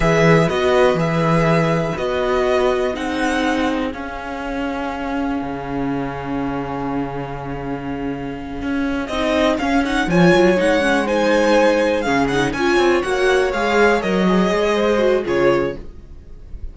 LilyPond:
<<
  \new Staff \with { instrumentName = "violin" } { \time 4/4 \tempo 4 = 122 e''4 dis''4 e''2 | dis''2 fis''2 | f''1~ | f''1~ |
f''2~ f''8 dis''4 f''8 | fis''8 gis''4 fis''4 gis''4.~ | gis''8 f''8 fis''8 gis''4 fis''4 f''8~ | f''8 dis''2~ dis''8 cis''4 | }
  \new Staff \with { instrumentName = "violin" } { \time 4/4 b'1~ | b'2 gis'2~ | gis'1~ | gis'1~ |
gis'1~ | gis'8 cis''2 c''4.~ | c''8 gis'4 cis''2~ cis''8~ | cis''2 c''4 gis'4 | }
  \new Staff \with { instrumentName = "viola" } { \time 4/4 gis'4 fis'4 gis'2 | fis'2 dis'2 | cis'1~ | cis'1~ |
cis'2~ cis'8 dis'4 cis'8 | dis'8 f'4 dis'8 cis'8 dis'4.~ | dis'8 cis'8 dis'8 f'4 fis'4 gis'8~ | gis'8 ais'8 gis'4. fis'8 f'4 | }
  \new Staff \with { instrumentName = "cello" } { \time 4/4 e4 b4 e2 | b2 c'2 | cis'2. cis4~ | cis1~ |
cis4. cis'4 c'4 cis'8~ | cis'8 f8 fis8 gis2~ gis8~ | gis8 cis4 cis'8 c'8 ais4 gis8~ | gis8 fis4 gis4. cis4 | }
>>